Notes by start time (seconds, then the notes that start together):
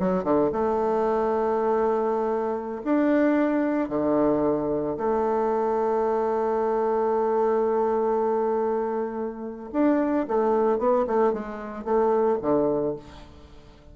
0.00 F#3
0.24 D3
0.53 A3
2.85 D4
3.89 D3
4.98 A3
9.73 D4
10.28 A3
10.79 B3
11.08 A3
11.34 G#3
11.85 A3
12.42 D3